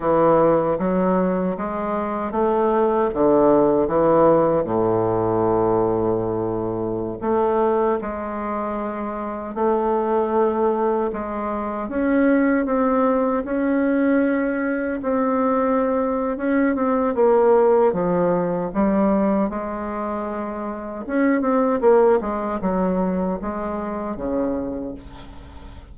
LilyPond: \new Staff \with { instrumentName = "bassoon" } { \time 4/4 \tempo 4 = 77 e4 fis4 gis4 a4 | d4 e4 a,2~ | a,4~ a,16 a4 gis4.~ gis16~ | gis16 a2 gis4 cis'8.~ |
cis'16 c'4 cis'2 c'8.~ | c'4 cis'8 c'8 ais4 f4 | g4 gis2 cis'8 c'8 | ais8 gis8 fis4 gis4 cis4 | }